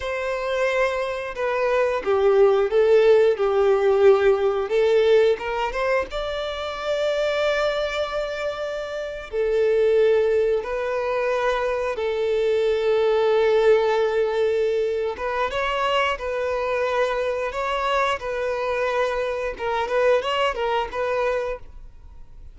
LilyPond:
\new Staff \with { instrumentName = "violin" } { \time 4/4 \tempo 4 = 89 c''2 b'4 g'4 | a'4 g'2 a'4 | ais'8 c''8 d''2.~ | d''4.~ d''16 a'2 b'16~ |
b'4.~ b'16 a'2~ a'16~ | a'2~ a'8 b'8 cis''4 | b'2 cis''4 b'4~ | b'4 ais'8 b'8 cis''8 ais'8 b'4 | }